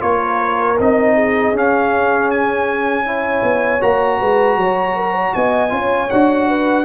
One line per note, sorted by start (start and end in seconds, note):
0.00 0.78 A#3
0.00 0.76 F4
0.00 1.15 A#4
0.00 0.77 C#5
0.79 1.52 C4
0.79 1.54 D#4
0.79 1.57 D#5
1.15 3.04 G#4
1.52 3.42 C#4
1.52 3.05 C#4
1.52 2.31 F5
2.31 3.82 G#5
3.05 3.81 E4
3.05 4.19 C#5
3.43 3.81 B3
3.81 4.21 A#3
3.81 5.69 F#4
3.81 5.34 A#5
4.19 4.57 G#3
4.19 4.57 B4
4.57 5.33 F#3
4.57 4.96 C#5
4.96 5.12 A#4
5.12 5.31 C#5
5.34 5.72 B3
5.34 5.73 D#5
5.34 6.10 G#5
5.69 6.10 C#4
5.69 6.07 F4
5.69 6.48 C#5
6.10 6.85 D4
6.10 6.85 F#4
6.10 6.85 F#5
6.48 6.85 B4